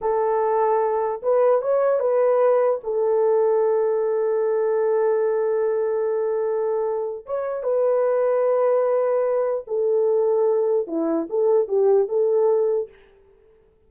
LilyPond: \new Staff \with { instrumentName = "horn" } { \time 4/4 \tempo 4 = 149 a'2. b'4 | cis''4 b'2 a'4~ | a'1~ | a'1~ |
a'2 cis''4 b'4~ | b'1 | a'2. e'4 | a'4 g'4 a'2 | }